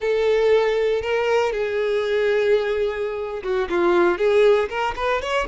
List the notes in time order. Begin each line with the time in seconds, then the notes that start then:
0.00 A4
1.02 A#4
1.52 G#4
3.43 F#4
3.69 F4
4.18 G#4
4.69 A#4
4.96 B4
5.21 C#5